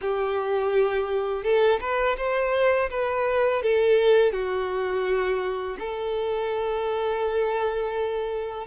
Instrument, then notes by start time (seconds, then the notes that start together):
violin
0.01 G4
1.43 A4
1.80 B4
2.17 C5
2.89 B4
3.62 A4
4.32 F#4
5.79 A4